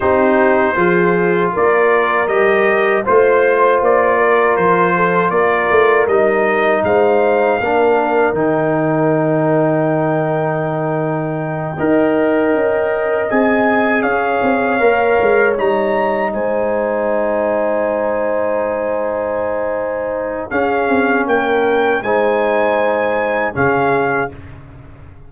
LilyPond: <<
  \new Staff \with { instrumentName = "trumpet" } { \time 4/4 \tempo 4 = 79 c''2 d''4 dis''4 | c''4 d''4 c''4 d''4 | dis''4 f''2 g''4~ | g''1~ |
g''4. gis''4 f''4.~ | f''8 ais''4 gis''2~ gis''8~ | gis''2. f''4 | g''4 gis''2 f''4 | }
  \new Staff \with { instrumentName = "horn" } { \time 4/4 g'4 gis'4 ais'2 | c''4. ais'4 a'8 ais'4~ | ais'4 c''4 ais'2~ | ais'2.~ ais'8 dis''8~ |
dis''2~ dis''8 cis''4.~ | cis''4. c''2~ c''8~ | c''2. gis'4 | ais'4 c''2 gis'4 | }
  \new Staff \with { instrumentName = "trombone" } { \time 4/4 dis'4 f'2 g'4 | f'1 | dis'2 d'4 dis'4~ | dis'2.~ dis'8 ais'8~ |
ais'4. gis'2 ais'8~ | ais'8 dis'2.~ dis'8~ | dis'2. cis'4~ | cis'4 dis'2 cis'4 | }
  \new Staff \with { instrumentName = "tuba" } { \time 4/4 c'4 f4 ais4 g4 | a4 ais4 f4 ais8 a8 | g4 gis4 ais4 dis4~ | dis2.~ dis8 dis'8~ |
dis'8 cis'4 c'4 cis'8 c'8 ais8 | gis8 g4 gis2~ gis8~ | gis2. cis'8 c'8 | ais4 gis2 cis4 | }
>>